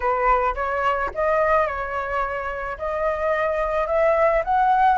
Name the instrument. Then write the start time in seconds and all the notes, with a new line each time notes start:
flute
0.00 B4
0.54 C#5
1.14 D#5
1.66 C#5
2.78 D#5
3.87 E5
4.44 F#5